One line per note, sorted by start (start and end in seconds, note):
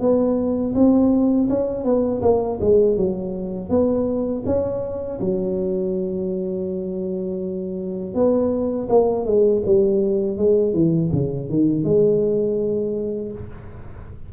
0.00 0.74 B3
0.75 1.49 C4
1.49 1.85 C#4
1.85 2.22 B3
2.22 2.59 A#3
2.61 2.97 G#3
2.97 3.69 F#3
3.69 4.43 B3
4.46 5.20 C#4
5.21 8.14 F#3
8.14 8.89 B3
8.89 9.26 A#3
9.26 9.63 G#3
9.66 10.38 G3
10.38 10.74 G#3
10.74 11.11 E3
11.12 11.49 C#3
11.50 11.84 D#3
11.84 13.32 G#3